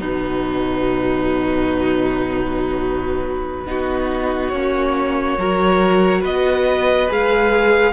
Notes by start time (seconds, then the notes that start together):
0.00 B2 F#3 D#4 B4
3.67 B3 D#4 F#4
4.49 A#3 C#4 C#5
5.37 F#3 F#4 A#4
6.21 B3 B4 D#5
7.08 G#3 G#4 F5